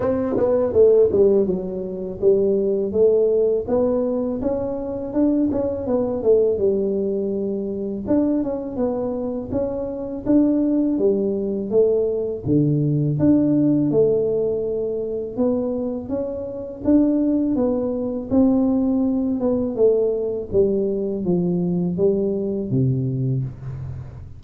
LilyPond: \new Staff \with { instrumentName = "tuba" } { \time 4/4 \tempo 4 = 82 c'8 b8 a8 g8 fis4 g4 | a4 b4 cis'4 d'8 cis'8 | b8 a8 g2 d'8 cis'8 | b4 cis'4 d'4 g4 |
a4 d4 d'4 a4~ | a4 b4 cis'4 d'4 | b4 c'4. b8 a4 | g4 f4 g4 c4 | }